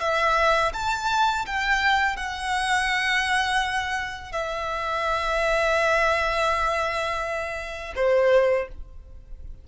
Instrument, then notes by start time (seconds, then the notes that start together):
violin
0.00 E5
0.73 A5
1.46 G5
2.17 F#5
4.32 E5
7.96 C5